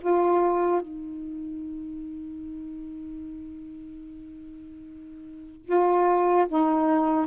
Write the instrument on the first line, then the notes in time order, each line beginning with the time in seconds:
saxophone
0.00 F4
0.81 D#4
5.65 F4
6.48 D#4